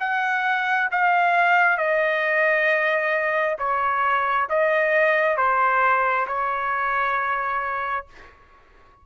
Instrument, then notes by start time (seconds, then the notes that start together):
trumpet
0.00 F#5
0.91 F5
1.77 D#5
3.59 C#5
4.49 D#5
5.37 C5
6.27 C#5